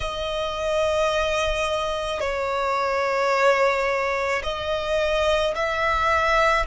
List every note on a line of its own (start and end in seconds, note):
0.00 2.20 D#5
2.20 4.42 C#5
4.43 5.54 D#5
5.55 6.66 E5